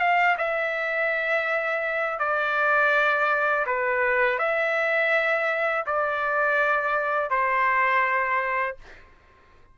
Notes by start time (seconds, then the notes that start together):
0.00 F5
0.38 E5
2.19 D5
3.66 B4
4.39 E5
5.86 D5
7.31 C5